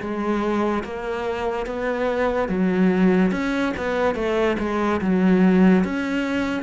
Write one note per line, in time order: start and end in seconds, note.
0.00 0.83 G#3
0.84 1.66 A#3
1.66 2.48 B3
2.48 3.31 F#3
3.31 3.73 C#4
3.77 4.15 B3
4.15 4.56 A3
4.59 5.00 G#3
5.01 5.84 F#3
5.84 6.62 C#4